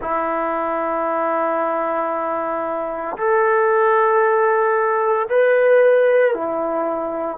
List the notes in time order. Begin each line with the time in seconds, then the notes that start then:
0.00 E4
3.17 A4
5.29 B4
6.34 E4